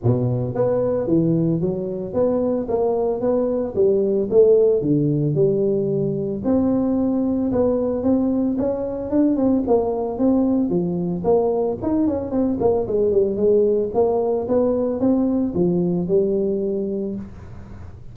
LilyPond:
\new Staff \with { instrumentName = "tuba" } { \time 4/4 \tempo 4 = 112 b,4 b4 e4 fis4 | b4 ais4 b4 g4 | a4 d4 g2 | c'2 b4 c'4 |
cis'4 d'8 c'8 ais4 c'4 | f4 ais4 dis'8 cis'8 c'8 ais8 | gis8 g8 gis4 ais4 b4 | c'4 f4 g2 | }